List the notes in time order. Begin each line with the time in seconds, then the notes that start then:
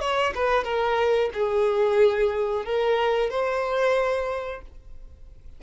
0.00 C#5
0.35 B4
0.64 A#4
1.34 G#4
2.65 A#4
3.30 C5